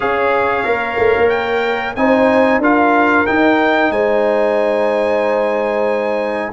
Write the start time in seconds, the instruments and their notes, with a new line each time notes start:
0.00 tuba C#4, trombone G#4, horn C#5, trumpet F5
0.64 tuba A#3, trombone A#4
0.98 tuba A3
1.17 tuba A#3
1.29 trumpet G5
1.95 tuba C4, trombone D#4, horn C5, trumpet G#5
2.58 tuba D4, trombone F4, horn A#4, trumpet F5
3.26 trombone D#4, tuba D#4, trumpet G5
3.90 tuba G#3, horn C5, trumpet G#5